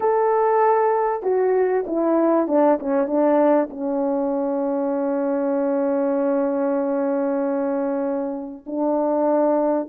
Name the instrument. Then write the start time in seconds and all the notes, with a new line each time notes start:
horn
0.00 A4
1.22 F#4
1.86 E4
2.47 D4
2.79 C#4
3.06 D4
3.70 C#4
8.66 D4